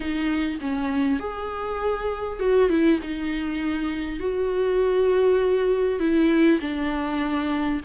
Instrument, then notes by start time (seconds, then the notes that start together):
viola
0.00 D#4
0.60 C#4
1.19 G#4
2.39 F#4
2.69 E4
3.02 D#4
4.19 F#4
5.99 E4
6.60 D4